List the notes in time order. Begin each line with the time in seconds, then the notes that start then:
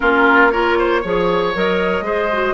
0.00 A#3 C#4 F4 A#4
0.51 F4 A#4 C#5
0.78 C5
1.01 F3 G#4 C#5
1.54 F#3 A#4 D#5
2.01 G#3 G#4 C5
2.32 F#4